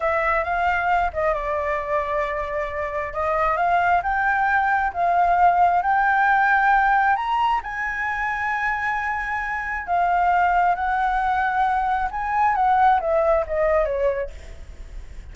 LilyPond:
\new Staff \with { instrumentName = "flute" } { \time 4/4 \tempo 4 = 134 e''4 f''4. dis''8 d''4~ | d''2. dis''4 | f''4 g''2 f''4~ | f''4 g''2. |
ais''4 gis''2.~ | gis''2 f''2 | fis''2. gis''4 | fis''4 e''4 dis''4 cis''4 | }